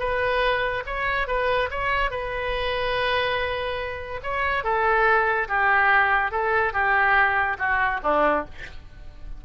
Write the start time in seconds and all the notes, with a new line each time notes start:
0.00 B4
0.87 C#5
1.28 B4
1.71 C#5
2.11 B4
4.23 C#5
4.64 A4
5.49 G4
6.32 A4
6.73 G4
7.59 F#4
8.03 D4